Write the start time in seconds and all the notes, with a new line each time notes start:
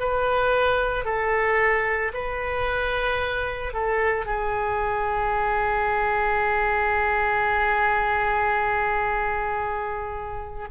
0.00 B4
1.05 A4
2.14 B4
3.74 A4
4.26 G#4